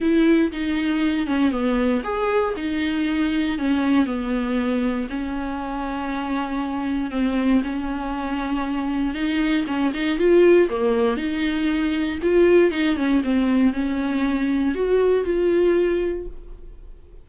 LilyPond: \new Staff \with { instrumentName = "viola" } { \time 4/4 \tempo 4 = 118 e'4 dis'4. cis'8 b4 | gis'4 dis'2 cis'4 | b2 cis'2~ | cis'2 c'4 cis'4~ |
cis'2 dis'4 cis'8 dis'8 | f'4 ais4 dis'2 | f'4 dis'8 cis'8 c'4 cis'4~ | cis'4 fis'4 f'2 | }